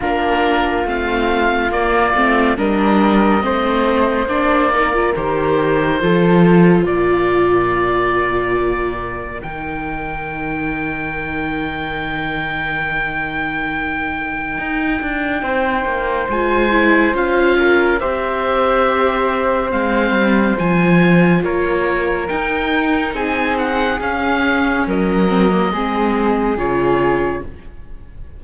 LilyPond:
<<
  \new Staff \with { instrumentName = "oboe" } { \time 4/4 \tempo 4 = 70 ais'4 f''4 d''4 dis''4~ | dis''4 d''4 c''2 | d''2. g''4~ | g''1~ |
g''2. gis''4 | f''4 e''2 f''4 | gis''4 cis''4 g''4 gis''8 fis''8 | f''4 dis''2 cis''4 | }
  \new Staff \with { instrumentName = "flute" } { \time 4/4 f'2. ais'4 | c''4. ais'4. a'4 | ais'1~ | ais'1~ |
ais'2 c''2~ | c''8 ais'8 c''2.~ | c''4 ais'2 gis'4~ | gis'4 ais'4 gis'2 | }
  \new Staff \with { instrumentName = "viola" } { \time 4/4 d'4 c'4 ais8 c'8 d'4 | c'4 d'8 dis'16 f'16 g'4 f'4~ | f'2. dis'4~ | dis'1~ |
dis'2. f'8 e'8 | f'4 g'2 c'4 | f'2 dis'2 | cis'4. c'16 ais16 c'4 f'4 | }
  \new Staff \with { instrumentName = "cello" } { \time 4/4 ais4 a4 ais8 a8 g4 | a4 ais4 dis4 f4 | ais,2. dis4~ | dis1~ |
dis4 dis'8 d'8 c'8 ais8 gis4 | cis'4 c'2 gis8 g8 | f4 ais4 dis'4 c'4 | cis'4 fis4 gis4 cis4 | }
>>